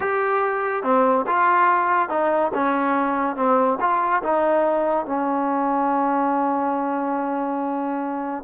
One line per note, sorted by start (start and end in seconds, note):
0.00 0.83 G4
0.83 1.25 C4
1.26 2.09 F4
2.09 2.51 D#4
2.54 3.36 C#4
3.36 3.78 C4
3.80 4.22 F4
4.22 5.06 D#4
5.06 8.44 C#4